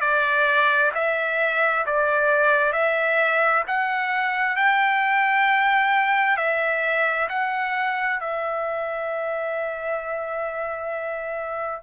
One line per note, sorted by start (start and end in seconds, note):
0.00 0.91 D5
0.94 1.85 E5
1.86 2.72 D5
2.72 3.63 E5
3.67 4.56 F#5
4.56 6.37 G5
6.37 7.28 E5
7.29 8.20 F#5
8.20 11.82 E5